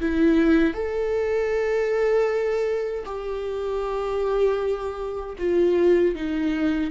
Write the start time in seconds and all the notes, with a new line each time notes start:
0.00 E4
0.74 A4
3.06 G4
5.38 F4
6.15 D#4